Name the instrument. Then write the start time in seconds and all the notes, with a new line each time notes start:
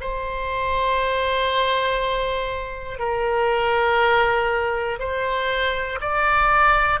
oboe
0.00 C5
2.99 A#4
4.99 C5
6.00 D5